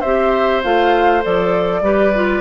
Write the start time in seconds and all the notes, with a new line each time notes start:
0.00 C4 G4 C5 E5
0.62 A3 F4 F5
1.22 F3 A4 D5
1.81 G3 G4 B4
2.14 F4